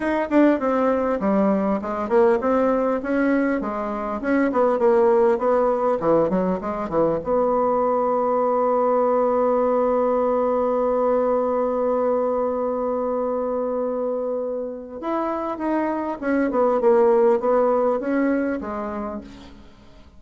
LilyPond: \new Staff \with { instrumentName = "bassoon" } { \time 4/4 \tempo 4 = 100 dis'8 d'8 c'4 g4 gis8 ais8 | c'4 cis'4 gis4 cis'8 b8 | ais4 b4 e8 fis8 gis8 e8 | b1~ |
b1~ | b1~ | b4 e'4 dis'4 cis'8 b8 | ais4 b4 cis'4 gis4 | }